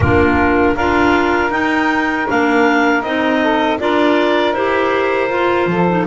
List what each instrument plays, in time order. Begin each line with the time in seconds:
0.00 double bass A#3, clarinet D4 A#4, saxophone F4
0.74 double bass D4, clarinet F4 F5, saxophone A#4
1.50 clarinet D#4 G5, double bass D#4
2.27 double bass A#3, clarinet D4 F5
3.02 double bass C4, clarinet D#4 D#5
3.42 saxophone A4
3.79 double bass D4, clarinet F4 D5, saxophone A#4
4.53 double bass E4, clarinet G4 C5
5.29 double bass F4, clarinet F4
5.66 double bass F3, saxophone A4
5.88 clarinet D#4